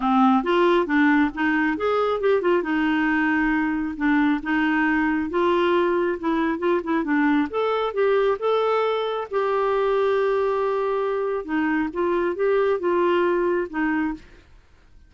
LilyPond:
\new Staff \with { instrumentName = "clarinet" } { \time 4/4 \tempo 4 = 136 c'4 f'4 d'4 dis'4 | gis'4 g'8 f'8 dis'2~ | dis'4 d'4 dis'2 | f'2 e'4 f'8 e'8 |
d'4 a'4 g'4 a'4~ | a'4 g'2.~ | g'2 dis'4 f'4 | g'4 f'2 dis'4 | }